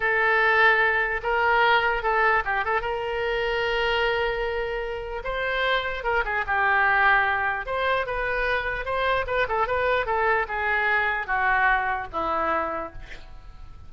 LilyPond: \new Staff \with { instrumentName = "oboe" } { \time 4/4 \tempo 4 = 149 a'2. ais'4~ | ais'4 a'4 g'8 a'8 ais'4~ | ais'1~ | ais'4 c''2 ais'8 gis'8 |
g'2. c''4 | b'2 c''4 b'8 a'8 | b'4 a'4 gis'2 | fis'2 e'2 | }